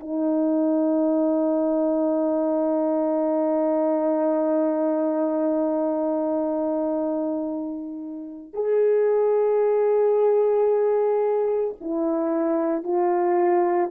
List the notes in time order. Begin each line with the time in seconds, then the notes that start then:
0.00 D#4
8.54 G#4
11.81 E4
12.84 F4